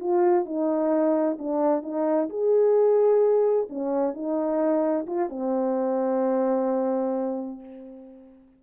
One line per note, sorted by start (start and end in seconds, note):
0.00 0.46 F4
0.46 1.38 D#4
1.39 1.83 D4
1.83 2.29 D#4
2.30 3.68 G#4
3.70 4.14 C#4
4.14 5.07 D#4
5.07 5.30 F4
5.30 7.60 C4